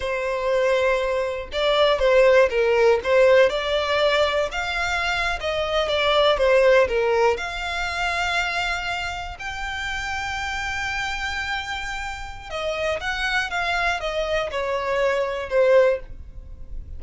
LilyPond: \new Staff \with { instrumentName = "violin" } { \time 4/4 \tempo 4 = 120 c''2. d''4 | c''4 ais'4 c''4 d''4~ | d''4 f''4.~ f''16 dis''4 d''16~ | d''8. c''4 ais'4 f''4~ f''16~ |
f''2~ f''8. g''4~ g''16~ | g''1~ | g''4 dis''4 fis''4 f''4 | dis''4 cis''2 c''4 | }